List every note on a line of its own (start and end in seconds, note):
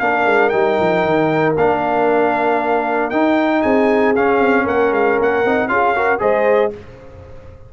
0.00 0.26 A#3
0.00 0.52 D4
0.00 3.62 A#4
0.00 0.50 F5
0.26 0.52 G#3
0.50 0.79 G3
0.50 1.56 D#4
0.50 1.53 G5
0.80 1.04 F3
1.04 1.56 D#3
1.57 3.12 A#3
1.57 3.12 D4
1.57 3.10 F5
3.10 3.64 D#4
3.10 4.16 D#4
3.10 3.62 G5
3.62 4.16 C4
3.62 4.64 G#4
3.62 4.14 G#5
4.16 5.45 C#4
4.16 4.40 C#4
4.16 4.68 F5
4.40 4.66 C4
4.64 4.92 A#3
4.64 5.68 A#4
4.64 4.94 F#5
4.92 5.18 G#3
4.92 5.20 F5
5.19 5.45 A#3
5.19 5.68 F#5
5.45 5.68 C4
5.45 5.69 D#4
5.68 6.20 C#4
5.68 5.95 F4
5.68 5.96 G#4
5.68 6.20 F5
5.95 6.19 F#4
5.95 6.21 A#4
6.19 6.74 G#3
6.19 6.71 G#4
6.19 6.73 C5
6.19 6.73 D#5